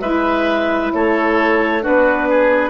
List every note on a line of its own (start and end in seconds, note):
0.00 0.91 G#3
0.00 1.81 E4
0.00 0.92 B4
0.00 0.91 E5
0.93 1.85 A3
0.93 1.83 A4
0.93 1.84 C#5
1.81 2.70 D4
1.81 2.28 F#4
1.81 2.70 B4
1.87 2.70 B3
2.30 2.70 G#4